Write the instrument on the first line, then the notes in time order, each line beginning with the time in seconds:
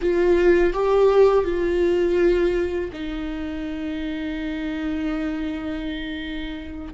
viola
0.01 F4
0.73 G4
1.44 F4
2.93 D#4